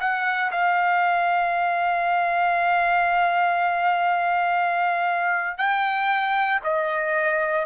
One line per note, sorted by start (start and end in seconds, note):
0.00 0.51 F#5
0.51 5.58 F5
5.58 6.60 G5
6.64 7.65 D#5